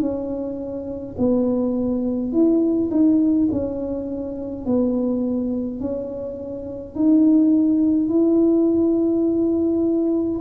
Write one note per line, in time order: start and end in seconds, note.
0.00 1.15 C#4
1.18 2.32 B3
2.32 2.90 E4
2.91 3.48 D#4
3.51 4.66 C#4
4.66 5.80 B3
5.80 6.95 C#4
6.95 8.09 D#4
8.09 10.40 E4